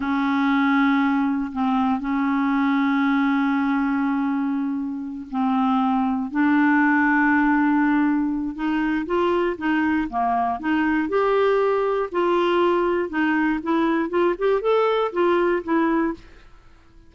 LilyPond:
\new Staff \with { instrumentName = "clarinet" } { \time 4/4 \tempo 4 = 119 cis'2. c'4 | cis'1~ | cis'2~ cis'8 c'4.~ | c'8 d'2.~ d'8~ |
d'4 dis'4 f'4 dis'4 | ais4 dis'4 g'2 | f'2 dis'4 e'4 | f'8 g'8 a'4 f'4 e'4 | }